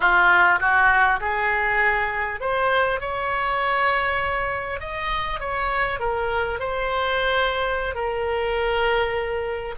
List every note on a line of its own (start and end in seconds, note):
0.00 0.59 F4
0.59 1.19 F#4
1.20 2.40 G#4
2.40 3.00 C5
3.00 4.80 C#5
4.80 5.39 D#5
5.39 5.99 C#5
5.99 6.59 A#4
6.59 7.94 C5
7.94 9.74 A#4